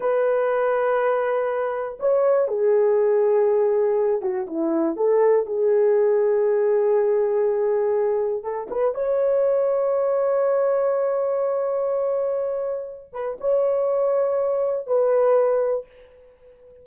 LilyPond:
\new Staff \with { instrumentName = "horn" } { \time 4/4 \tempo 4 = 121 b'1 | cis''4 gis'2.~ | gis'8 fis'8 e'4 a'4 gis'4~ | gis'1~ |
gis'4 a'8 b'8 cis''2~ | cis''1~ | cis''2~ cis''8 b'8 cis''4~ | cis''2 b'2 | }